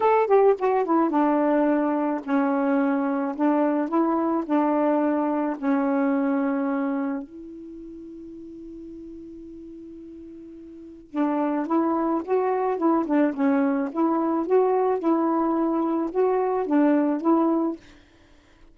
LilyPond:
\new Staff \with { instrumentName = "saxophone" } { \time 4/4 \tempo 4 = 108 a'8 g'8 fis'8 e'8 d'2 | cis'2 d'4 e'4 | d'2 cis'2~ | cis'4 e'2.~ |
e'1 | d'4 e'4 fis'4 e'8 d'8 | cis'4 e'4 fis'4 e'4~ | e'4 fis'4 d'4 e'4 | }